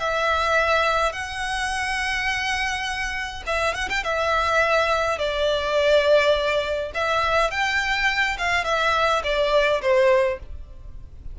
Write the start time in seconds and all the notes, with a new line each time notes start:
0.00 E5
1.13 F#5
3.47 E5
3.75 F#5
3.90 G5
4.04 E5
5.19 D5
6.95 E5
7.51 G5
8.38 F5
8.65 E5
9.24 D5
9.82 C5